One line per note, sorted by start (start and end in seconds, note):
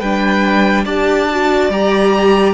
0.00 0.86 G3
0.00 0.86 D4
0.00 0.85 B4
0.00 0.86 G5
0.85 1.70 D4
0.85 1.28 G4
0.85 2.54 D5
0.85 1.70 A5
1.31 1.72 F#4
1.70 2.54 G3
1.70 2.54 G4
1.70 2.54 A#5